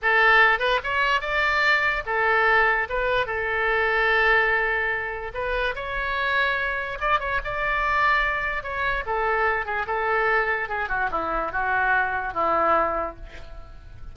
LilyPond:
\new Staff \with { instrumentName = "oboe" } { \time 4/4 \tempo 4 = 146 a'4. b'8 cis''4 d''4~ | d''4 a'2 b'4 | a'1~ | a'4 b'4 cis''2~ |
cis''4 d''8 cis''8 d''2~ | d''4 cis''4 a'4. gis'8 | a'2 gis'8 fis'8 e'4 | fis'2 e'2 | }